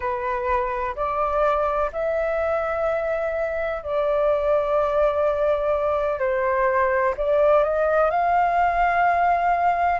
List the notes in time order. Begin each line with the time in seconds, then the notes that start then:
0.00 B4
0.95 D5
1.92 E5
3.82 D5
6.19 C5
7.17 D5
7.63 D#5
8.10 F5